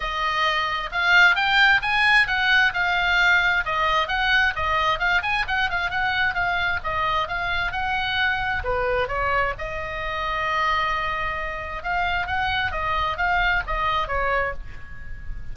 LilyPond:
\new Staff \with { instrumentName = "oboe" } { \time 4/4 \tempo 4 = 132 dis''2 f''4 g''4 | gis''4 fis''4 f''2 | dis''4 fis''4 dis''4 f''8 gis''8 | fis''8 f''8 fis''4 f''4 dis''4 |
f''4 fis''2 b'4 | cis''4 dis''2.~ | dis''2 f''4 fis''4 | dis''4 f''4 dis''4 cis''4 | }